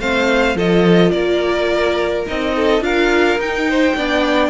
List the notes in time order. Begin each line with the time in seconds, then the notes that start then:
0.00 A3 C4 C5 F5
0.55 F3 F4 A4 D#5
1.11 A#3 A#4 D5
2.27 C4 D#4 D#5
2.56 A4
2.81 D4 F4 A#4 F5
3.38 D#4 G5
3.69 C5
3.96 B3 D4 D5